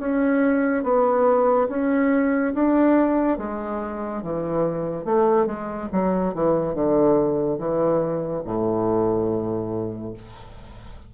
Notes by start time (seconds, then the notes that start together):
0.00 C#4
0.84 B3
1.69 C#4
2.55 D4
3.38 G#3
4.23 E3
5.06 A3
5.47 G#3
5.93 F#3
6.35 E3
6.75 D3
7.59 E3
8.45 A2